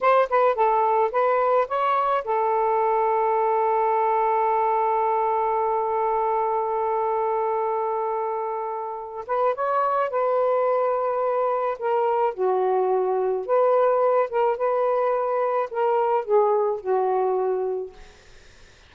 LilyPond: \new Staff \with { instrumentName = "saxophone" } { \time 4/4 \tempo 4 = 107 c''8 b'8 a'4 b'4 cis''4 | a'1~ | a'1~ | a'1~ |
a'8 b'8 cis''4 b'2~ | b'4 ais'4 fis'2 | b'4. ais'8 b'2 | ais'4 gis'4 fis'2 | }